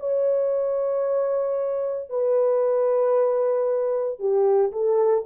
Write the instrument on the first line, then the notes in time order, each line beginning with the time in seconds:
horn
0.00 C#5
2.10 B4
4.20 G4
4.72 A4